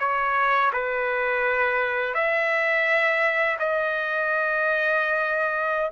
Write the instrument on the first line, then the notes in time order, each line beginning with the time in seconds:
trumpet
0.00 C#5
0.73 B4
2.15 E5
3.59 D#5